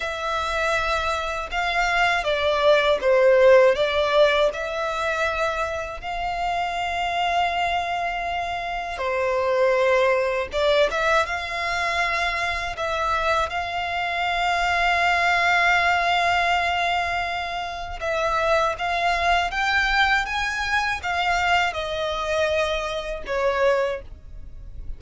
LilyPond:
\new Staff \with { instrumentName = "violin" } { \time 4/4 \tempo 4 = 80 e''2 f''4 d''4 | c''4 d''4 e''2 | f''1 | c''2 d''8 e''8 f''4~ |
f''4 e''4 f''2~ | f''1 | e''4 f''4 g''4 gis''4 | f''4 dis''2 cis''4 | }